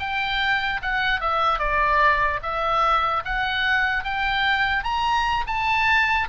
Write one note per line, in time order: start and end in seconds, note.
0.00 0.81 G5
0.82 1.21 F#5
1.21 1.59 E5
1.59 2.40 D5
2.43 3.24 E5
3.25 4.04 F#5
4.04 4.84 G5
4.84 5.45 A#5
5.47 6.28 A5